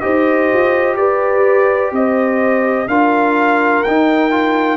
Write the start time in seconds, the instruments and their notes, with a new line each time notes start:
0.00 tuba D#4, trombone G4, horn C5, trumpet D#5
0.53 tuba F4
0.96 tuba G4, horn B4, trumpet D5
1.91 tuba C4, horn C5, trumpet D#5
2.87 tuba D4, trombone F4, horn A#4, trumpet F5
3.83 tuba D#4, trombone D#4, trumpet G5
4.31 trombone F4